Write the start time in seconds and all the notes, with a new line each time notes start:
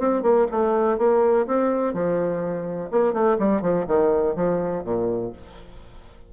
0.00 C4
0.23 A#3
0.51 A3
0.99 A#3
1.47 C4
1.94 F3
2.91 A#3
3.13 A3
3.39 G3
3.62 F3
3.88 D#3
4.36 F3
4.85 A#2